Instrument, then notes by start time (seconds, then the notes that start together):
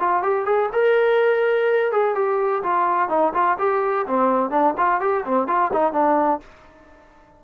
trombone
0.00 F4
0.23 G4
0.46 G#4
0.73 A#4
1.92 G#4
2.15 G4
2.63 F4
3.09 D#4
3.34 F4
3.59 G4
4.07 C4
4.50 D4
4.77 F4
5.00 G4
5.25 C4
5.47 F4
5.73 D#4
5.93 D4